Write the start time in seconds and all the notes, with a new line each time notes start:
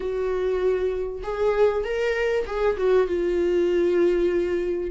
0.00 F#4
1.23 G#4
1.84 A#4
2.46 G#4
2.77 F#4
3.07 F4